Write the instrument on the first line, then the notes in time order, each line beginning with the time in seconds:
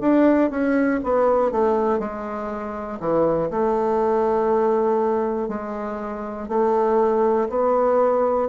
bassoon
0.00 D4
0.50 C#4
1.03 B3
1.51 A3
1.99 G#3
3.00 E3
3.50 A3
5.48 G#3
6.48 A3
7.49 B3